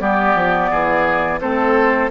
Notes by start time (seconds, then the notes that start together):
0.00 G3 B3 G4 D5
0.35 F3
0.70 E3 G#4
1.41 A3 C4 A4 C5